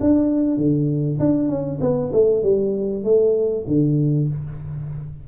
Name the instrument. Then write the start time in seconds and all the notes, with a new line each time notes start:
tuba
0.00 D4
0.57 D3
1.19 D4
1.48 C#4
1.80 B3
2.12 A3
2.43 G3
3.04 A3
3.67 D3